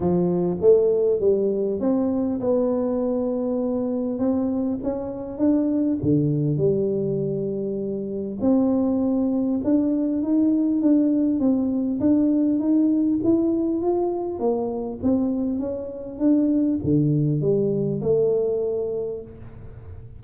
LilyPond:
\new Staff \with { instrumentName = "tuba" } { \time 4/4 \tempo 4 = 100 f4 a4 g4 c'4 | b2. c'4 | cis'4 d'4 d4 g4~ | g2 c'2 |
d'4 dis'4 d'4 c'4 | d'4 dis'4 e'4 f'4 | ais4 c'4 cis'4 d'4 | d4 g4 a2 | }